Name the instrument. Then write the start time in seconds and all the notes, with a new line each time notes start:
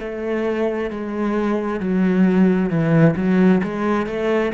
cello
0.00 A3
0.90 G#3
1.80 F#3
2.70 E3
3.16 F#3
3.64 G#3
4.07 A3